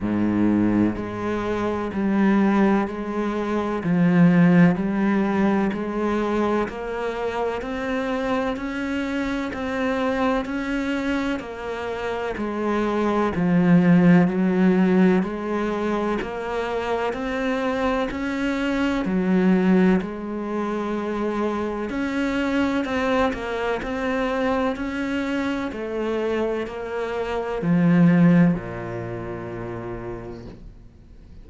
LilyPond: \new Staff \with { instrumentName = "cello" } { \time 4/4 \tempo 4 = 63 gis,4 gis4 g4 gis4 | f4 g4 gis4 ais4 | c'4 cis'4 c'4 cis'4 | ais4 gis4 f4 fis4 |
gis4 ais4 c'4 cis'4 | fis4 gis2 cis'4 | c'8 ais8 c'4 cis'4 a4 | ais4 f4 ais,2 | }